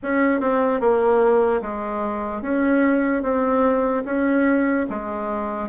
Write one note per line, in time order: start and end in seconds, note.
0.02 0.40 C#4
0.40 0.80 C4
0.80 1.61 A#3
1.61 2.41 G#3
2.41 3.22 C#4
3.22 4.03 C4
4.05 4.86 C#4
4.89 5.68 G#3